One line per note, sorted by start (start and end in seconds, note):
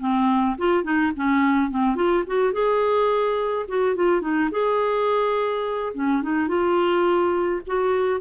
0.00 0.57 C4
0.58 0.84 F4
0.84 1.12 D#4
1.16 1.71 C#4
1.71 1.96 C4
1.96 2.24 F4
2.27 2.53 F#4
2.53 3.66 G#4
3.68 3.95 F#4
3.95 4.21 F4
4.21 4.49 D#4
4.51 5.93 G#4
5.94 6.22 C#4
6.22 6.48 D#4
6.48 7.61 F4
7.67 8.20 F#4